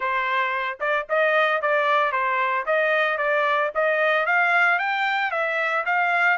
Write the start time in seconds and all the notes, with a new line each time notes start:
0.00 C5
0.80 D5
1.09 D#5
1.61 D5
2.12 C5
2.65 D#5
3.17 D5
3.74 D#5
4.26 F5
4.79 G5
5.31 E5
5.85 F5